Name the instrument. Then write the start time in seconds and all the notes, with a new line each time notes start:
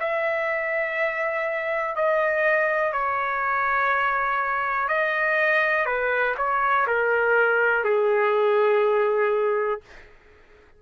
trumpet
0.00 E5
1.96 D#5
2.92 C#5
4.88 D#5
5.86 B4
6.38 C#5
6.87 A#4
7.84 G#4